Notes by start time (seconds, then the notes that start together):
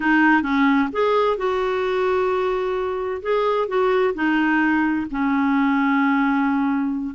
0.00 D#4
0.42 C#4
0.92 G#4
1.37 F#4
3.22 G#4
3.68 F#4
4.14 D#4
5.10 C#4